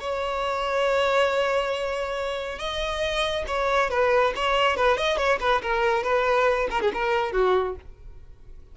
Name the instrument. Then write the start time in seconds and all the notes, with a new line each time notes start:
violin
0.00 C#5
2.59 D#5
3.47 C#5
3.90 B4
4.36 C#5
4.77 B4
4.97 D#5
5.17 C#5
5.40 B4
5.62 A#4
6.03 B4
6.70 A#4
6.81 G#4
6.94 A#4
7.32 F#4